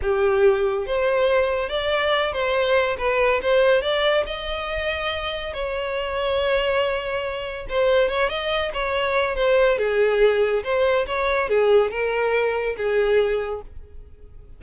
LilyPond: \new Staff \with { instrumentName = "violin" } { \time 4/4 \tempo 4 = 141 g'2 c''2 | d''4. c''4. b'4 | c''4 d''4 dis''2~ | dis''4 cis''2.~ |
cis''2 c''4 cis''8 dis''8~ | dis''8 cis''4. c''4 gis'4~ | gis'4 c''4 cis''4 gis'4 | ais'2 gis'2 | }